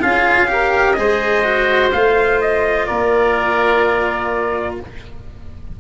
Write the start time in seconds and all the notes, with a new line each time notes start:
0.00 C#4 F4 G#4 F5
0.48 G4 A#4
0.93 G#3 G#4 C5 D#5
1.44 F#4
1.92 A3 F4 F5
2.41 D#5
2.86 A#3 A#4 D5